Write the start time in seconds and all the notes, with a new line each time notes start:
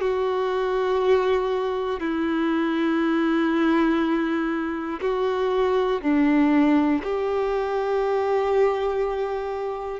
0.00 F#4
2.00 E4
5.00 F#4
6.01 D4
7.03 G4